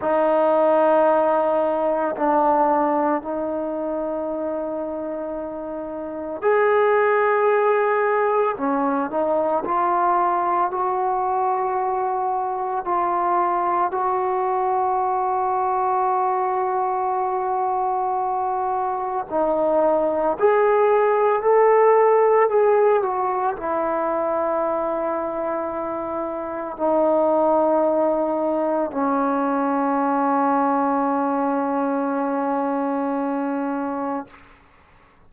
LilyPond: \new Staff \with { instrumentName = "trombone" } { \time 4/4 \tempo 4 = 56 dis'2 d'4 dis'4~ | dis'2 gis'2 | cis'8 dis'8 f'4 fis'2 | f'4 fis'2.~ |
fis'2 dis'4 gis'4 | a'4 gis'8 fis'8 e'2~ | e'4 dis'2 cis'4~ | cis'1 | }